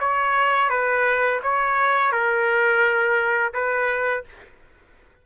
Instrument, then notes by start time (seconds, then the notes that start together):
trumpet
0.00 C#5
0.70 B4
1.43 C#5
2.12 A#4
3.54 B4